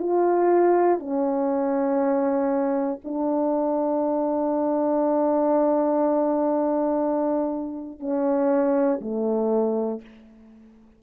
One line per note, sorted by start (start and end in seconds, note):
0.00 1.00 F4
1.00 3.00 C#4
3.05 8.00 D4
8.00 9.00 C#4
9.02 10.02 A3